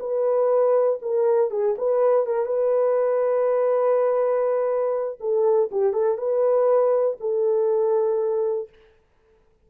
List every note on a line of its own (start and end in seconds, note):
0.00 0.99 B4
1.02 1.51 A#4
1.51 1.75 G#4
1.78 2.26 B4
2.26 2.46 A#4
2.46 5.19 B4
5.20 5.70 A4
5.71 5.93 G4
5.93 6.18 A4
6.18 7.17 B4
7.20 8.69 A4